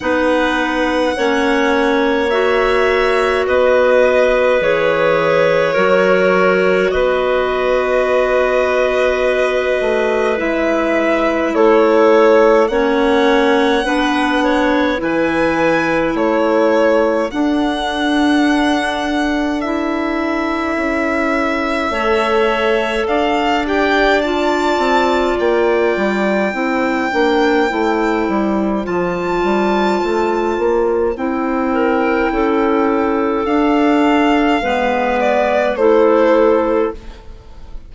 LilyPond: <<
  \new Staff \with { instrumentName = "violin" } { \time 4/4 \tempo 4 = 52 fis''2 e''4 dis''4 | cis''2 dis''2~ | dis''4 e''4 cis''4 fis''4~ | fis''4 gis''4 cis''4 fis''4~ |
fis''4 e''2. | f''8 g''8 a''4 g''2~ | g''4 a''2 g''4~ | g''4 f''4. d''8 c''4 | }
  \new Staff \with { instrumentName = "clarinet" } { \time 4/4 b'4 cis''2 b'4~ | b'4 ais'4 b'2~ | b'2 a'4 cis''4 | b'8 cis''8 b'4 a'2~ |
a'2. cis''4 | d''2. c''4~ | c''2.~ c''8 ais'8 | a'2 b'4 a'4 | }
  \new Staff \with { instrumentName = "clarinet" } { \time 4/4 dis'4 cis'4 fis'2 | gis'4 fis'2.~ | fis'4 e'2 cis'4 | d'4 e'2 d'4~ |
d'4 e'2 a'4~ | a'8 g'8 f'2 e'8 d'8 | e'4 f'2 e'4~ | e'4 d'4 b4 e'4 | }
  \new Staff \with { instrumentName = "bassoon" } { \time 4/4 b4 ais2 b4 | e4 fis4 b2~ | b8 a8 gis4 a4 ais4 | b4 e4 a4 d'4~ |
d'2 cis'4 a4 | d'4. c'8 ais8 g8 c'8 ais8 | a8 g8 f8 g8 a8 ais8 c'4 | cis'4 d'4 gis4 a4 | }
>>